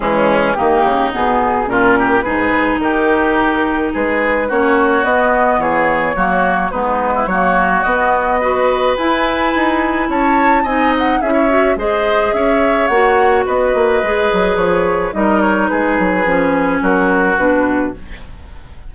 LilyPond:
<<
  \new Staff \with { instrumentName = "flute" } { \time 4/4 \tempo 4 = 107 gis'4 g'4 gis'4 ais'4 | b'4 ais'2 b'4 | cis''4 dis''4 cis''2 | b'4 cis''4 dis''2 |
gis''2 a''4 gis''8 fis''8 | e''4 dis''4 e''4 fis''4 | dis''2 cis''4 dis''8 cis''8 | b'2 ais'4 b'4 | }
  \new Staff \with { instrumentName = "oboe" } { \time 4/4 cis'4 dis'2 f'8 g'8 | gis'4 g'2 gis'4 | fis'2 gis'4 fis'4 | dis'8. e'16 fis'2 b'4~ |
b'2 cis''4 dis''4 | gis'16 cis''8. c''4 cis''2 | b'2. ais'4 | gis'2 fis'2 | }
  \new Staff \with { instrumentName = "clarinet" } { \time 4/4 gis4 ais4 b4 cis'4 | dis'1 | cis'4 b2 ais4 | b4 ais4 b4 fis'4 |
e'2. dis'4 | e'8 fis'8 gis'2 fis'4~ | fis'4 gis'2 dis'4~ | dis'4 cis'2 d'4 | }
  \new Staff \with { instrumentName = "bassoon" } { \time 4/4 e4 dis8 cis8 b,4 ais,4 | gis,4 dis2 gis4 | ais4 b4 e4 fis4 | gis4 fis4 b2 |
e'4 dis'4 cis'4 c'4 | cis'4 gis4 cis'4 ais4 | b8 ais8 gis8 fis8 f4 g4 | gis8 fis8 f4 fis4 b,4 | }
>>